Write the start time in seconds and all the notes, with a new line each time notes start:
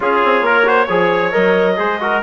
0.00 C#4 F4 G#4 C#5
0.24 C4
0.41 A#3 A#4
0.65 F#4 C5
0.85 F3 G#4 C#5
1.31 F#3 A#4 D#5
1.76 G#3 G#4 C5
2.00 F#4 A#4